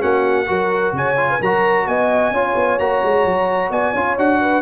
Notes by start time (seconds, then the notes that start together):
0.00 A#3 C#4 F#4 F#5
0.47 F#3 F#4 A#4
0.92 C#3 C#5 G#5
1.17 F4
1.31 B4
1.41 F#3 F#4 A#4 A#5
1.86 B3 D#5 G#5
2.31 C#4 F4 C#5
2.56 B3
2.79 A#3 F#4 A#5
3.03 G#3
3.25 F#3
3.70 B3 D5 G#5
3.92 C#4 F4 C#5
4.18 D4 F#4 F#5
4.41 B4